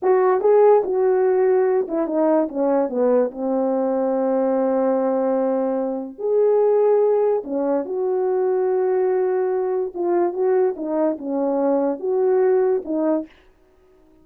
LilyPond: \new Staff \with { instrumentName = "horn" } { \time 4/4 \tempo 4 = 145 fis'4 gis'4 fis'2~ | fis'8 e'8 dis'4 cis'4 b4 | c'1~ | c'2. gis'4~ |
gis'2 cis'4 fis'4~ | fis'1 | f'4 fis'4 dis'4 cis'4~ | cis'4 fis'2 dis'4 | }